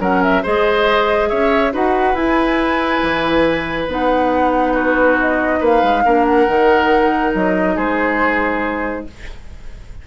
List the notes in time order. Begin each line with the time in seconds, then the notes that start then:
0.00 F#3 C#4 A#4 F#5
0.23 E5
0.43 G#3 G#4 C5 D#5
1.29 C#4 C#5 E5
1.73 D#4 F#4 B4 F#5
2.14 E4 G#5
3.03 E3
3.88 B3 D#4 F#5
4.74 F#4 B4
5.21 D#5
5.60 A#3 B4 F5
5.83 G#3
6.05 A#3 D4 A#4
6.25 F#5
6.48 D#3 D#4
7.35 F#3 D#5
7.76 G#3 G#4 C5